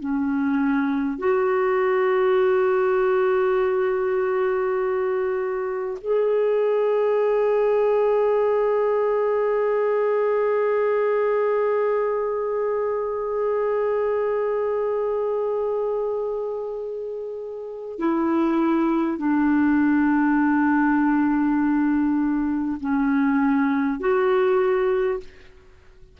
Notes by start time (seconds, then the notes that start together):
0.00 C#4
1.18 F#4
6.01 G#4
17.98 E4
19.18 D4
22.80 C#4
23.99 F#4